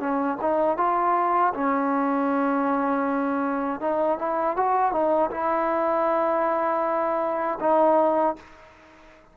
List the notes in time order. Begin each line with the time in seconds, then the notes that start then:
0.00 C#4
0.42 D#4
0.78 F4
1.54 C#4
3.81 D#4
4.19 E4
4.57 F#4
4.93 D#4
5.31 E4
7.61 D#4